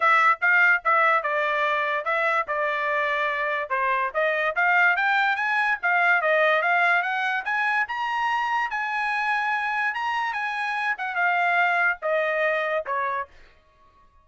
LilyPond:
\new Staff \with { instrumentName = "trumpet" } { \time 4/4 \tempo 4 = 145 e''4 f''4 e''4 d''4~ | d''4 e''4 d''2~ | d''4 c''4 dis''4 f''4 | g''4 gis''4 f''4 dis''4 |
f''4 fis''4 gis''4 ais''4~ | ais''4 gis''2. | ais''4 gis''4. fis''8 f''4~ | f''4 dis''2 cis''4 | }